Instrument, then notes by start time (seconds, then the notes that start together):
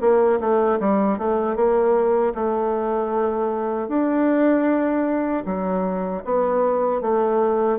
bassoon
0.00 A#3
0.40 A3
0.80 G3
1.18 A3
1.55 A#3
2.34 A3
3.88 D4
5.45 F#3
6.24 B3
7.01 A3